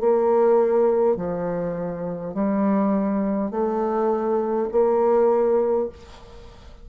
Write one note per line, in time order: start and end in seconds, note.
0.00 1.17 A#3
1.17 2.34 F3
2.34 3.51 G3
3.51 4.68 A3
4.72 5.89 A#3